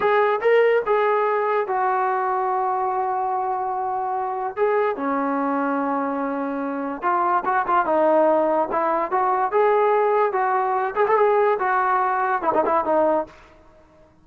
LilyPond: \new Staff \with { instrumentName = "trombone" } { \time 4/4 \tempo 4 = 145 gis'4 ais'4 gis'2 | fis'1~ | fis'2. gis'4 | cis'1~ |
cis'4 f'4 fis'8 f'8 dis'4~ | dis'4 e'4 fis'4 gis'4~ | gis'4 fis'4. gis'16 a'16 gis'4 | fis'2 e'16 dis'16 e'8 dis'4 | }